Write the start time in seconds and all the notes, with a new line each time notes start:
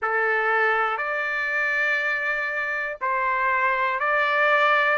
0.02 A4
0.97 D5
3.00 C5
4.00 D5